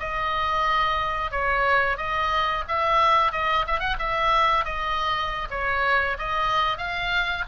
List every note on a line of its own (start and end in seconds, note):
0.00 1.32 D#5
1.32 1.97 C#5
1.97 2.64 D#5
2.68 3.32 E5
3.32 3.65 D#5
3.67 3.80 E5
3.80 3.97 F#5
3.99 4.65 E5
4.65 5.48 D#5
5.51 6.17 C#5
6.18 6.78 D#5
6.78 7.45 F5